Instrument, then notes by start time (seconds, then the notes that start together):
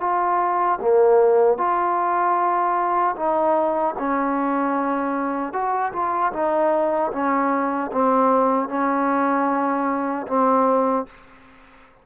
trombone
0.00 F4
0.81 A#3
1.58 F4
3.16 D#4
3.98 C#4
5.53 F#4
5.92 F4
6.32 D#4
7.12 C#4
7.92 C4
8.69 C#4
10.27 C4